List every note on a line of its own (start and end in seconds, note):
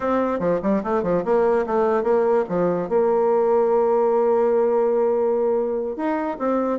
0.00 0.39 C4
0.39 0.60 F3
0.62 0.82 G3
0.83 1.03 A3
1.03 1.23 F3
1.24 1.65 A#3
1.66 2.03 A3
2.03 2.44 A#3
2.49 2.88 F3
2.88 5.96 A#3
5.96 6.37 D#4
6.38 6.79 C4